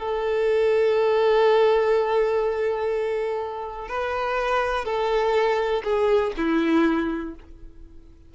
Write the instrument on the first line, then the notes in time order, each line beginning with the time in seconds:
violin
0.00 A4
3.89 B4
4.86 A4
5.84 G#4
6.37 E4